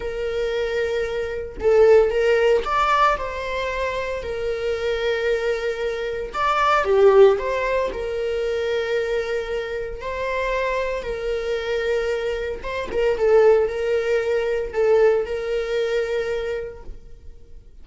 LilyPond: \new Staff \with { instrumentName = "viola" } { \time 4/4 \tempo 4 = 114 ais'2. a'4 | ais'4 d''4 c''2 | ais'1 | d''4 g'4 c''4 ais'4~ |
ais'2. c''4~ | c''4 ais'2. | c''8 ais'8 a'4 ais'2 | a'4 ais'2. | }